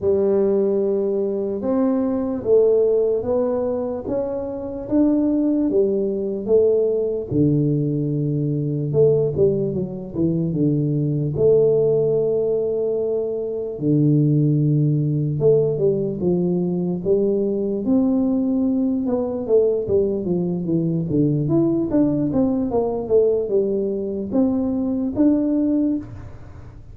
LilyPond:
\new Staff \with { instrumentName = "tuba" } { \time 4/4 \tempo 4 = 74 g2 c'4 a4 | b4 cis'4 d'4 g4 | a4 d2 a8 g8 | fis8 e8 d4 a2~ |
a4 d2 a8 g8 | f4 g4 c'4. b8 | a8 g8 f8 e8 d8 e'8 d'8 c'8 | ais8 a8 g4 c'4 d'4 | }